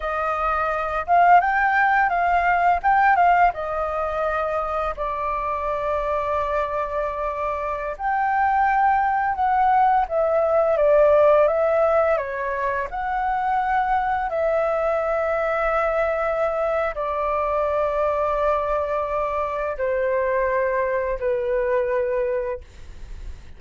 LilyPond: \new Staff \with { instrumentName = "flute" } { \time 4/4 \tempo 4 = 85 dis''4. f''8 g''4 f''4 | g''8 f''8 dis''2 d''4~ | d''2.~ d''16 g''8.~ | g''4~ g''16 fis''4 e''4 d''8.~ |
d''16 e''4 cis''4 fis''4.~ fis''16~ | fis''16 e''2.~ e''8. | d''1 | c''2 b'2 | }